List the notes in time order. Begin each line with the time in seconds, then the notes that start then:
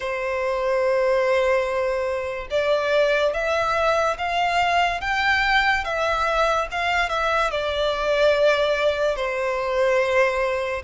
0.00 C5
2.50 D5
3.33 E5
4.18 F5
5.00 G5
5.84 E5
6.71 F5
7.09 E5
7.50 D5
9.16 C5